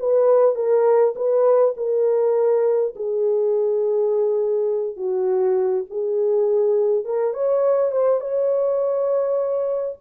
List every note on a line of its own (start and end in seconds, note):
0.00 0.55 B4
0.55 1.14 A#4
1.16 1.74 B4
1.77 2.95 A#4
2.96 4.97 G#4
4.97 5.85 F#4
5.90 7.05 G#4
7.05 7.34 A#4
7.34 7.92 C#5
7.92 8.21 C5
8.21 9.97 C#5